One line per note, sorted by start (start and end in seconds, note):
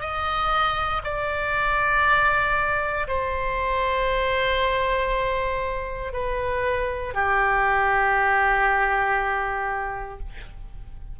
0.00 1.02 D#5
1.04 3.07 D5
3.07 6.12 C5
6.12 7.14 B4
7.14 10.19 G4